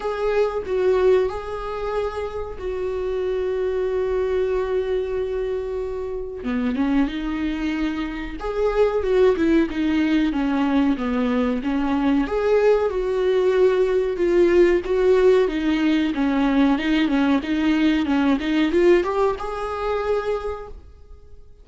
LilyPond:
\new Staff \with { instrumentName = "viola" } { \time 4/4 \tempo 4 = 93 gis'4 fis'4 gis'2 | fis'1~ | fis'2 b8 cis'8 dis'4~ | dis'4 gis'4 fis'8 e'8 dis'4 |
cis'4 b4 cis'4 gis'4 | fis'2 f'4 fis'4 | dis'4 cis'4 dis'8 cis'8 dis'4 | cis'8 dis'8 f'8 g'8 gis'2 | }